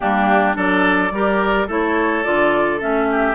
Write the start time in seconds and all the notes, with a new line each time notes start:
0.00 G3 A#3 D4 G4
0.53 F#3 D4 A4 D5
1.11 G3 G4 A#4
1.67 A3 E4 A4 C#5
2.23 D3 F4 D5
2.79 A3 C#4 E5
3.11 G4